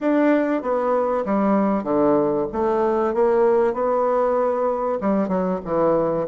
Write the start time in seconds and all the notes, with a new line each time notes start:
0.00 D4
0.62 B3
1.25 G3
1.83 D3
2.52 A3
3.14 A#3
3.73 B3
5.00 G3
5.28 F#3
5.64 E3